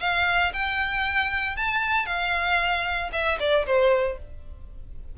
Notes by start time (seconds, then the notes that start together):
0.00 F5
0.53 G5
1.57 A5
2.06 F5
3.12 E5
3.39 D5
3.66 C5